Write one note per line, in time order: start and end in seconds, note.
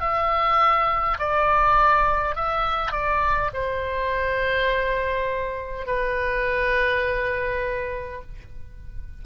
0.00 1.18 E5
1.19 2.35 D5
2.35 2.92 E5
2.92 3.50 D5
3.53 5.86 C5
5.86 8.21 B4